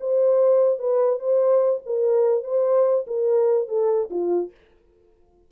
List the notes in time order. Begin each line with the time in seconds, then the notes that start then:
0.00 C5
0.79 B4
1.19 C5
1.86 A#4
2.44 C5
3.07 A#4
3.68 A4
4.10 F4